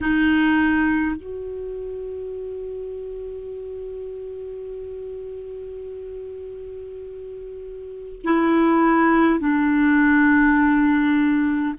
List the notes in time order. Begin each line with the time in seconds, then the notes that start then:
0.01 D#4
1.16 F#4
8.24 E4
9.39 D4